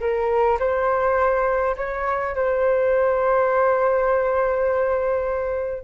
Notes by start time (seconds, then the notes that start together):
0.00 A#4
0.59 C5
1.77 C#5
2.35 C5